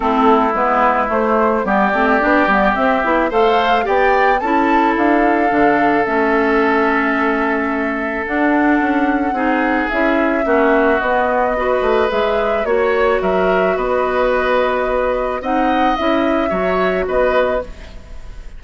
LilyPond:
<<
  \new Staff \with { instrumentName = "flute" } { \time 4/4 \tempo 4 = 109 a'4 b'4 c''4 d''4~ | d''4 e''4 f''4 g''4 | a''4 f''2 e''4~ | e''2. fis''4~ |
fis''2 e''2 | dis''2 e''4 cis''4 | e''4 dis''2. | fis''4 e''2 dis''4 | }
  \new Staff \with { instrumentName = "oboe" } { \time 4/4 e'2. g'4~ | g'2 c''4 d''4 | a'1~ | a'1~ |
a'4 gis'2 fis'4~ | fis'4 b'2 cis''4 | ais'4 b'2. | dis''2 cis''4 b'4 | }
  \new Staff \with { instrumentName = "clarinet" } { \time 4/4 c'4 b4 a4 b8 c'8 | d'8 b8 c'8 e'8 a'4 g'4 | e'2 d'4 cis'4~ | cis'2. d'4~ |
d'4 dis'4 e'4 cis'4 | b4 fis'4 gis'4 fis'4~ | fis'1 | dis'4 e'4 fis'2 | }
  \new Staff \with { instrumentName = "bassoon" } { \time 4/4 a4 gis4 a4 g8 a8 | b8 g8 c'8 b8 a4 b4 | cis'4 d'4 d4 a4~ | a2. d'4 |
cis'4 c'4 cis'4 ais4 | b4. a8 gis4 ais4 | fis4 b2. | c'4 cis'4 fis4 b4 | }
>>